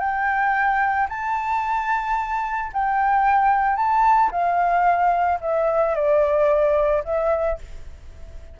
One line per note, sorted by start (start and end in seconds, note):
0.00 1.08 G5
1.09 2.71 A5
2.73 3.76 G5
3.76 4.30 A5
4.31 5.40 F5
5.41 5.95 E5
5.95 7.03 D5
7.05 7.59 E5